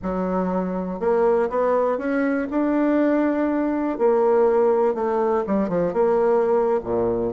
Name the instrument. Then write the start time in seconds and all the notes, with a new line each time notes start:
bassoon
0.02 F#3
0.99 A#3
1.49 B3
1.98 C#4
2.50 D4
3.98 A#3
4.94 A3
5.47 G3
5.69 F3
5.93 A#3
6.83 A#2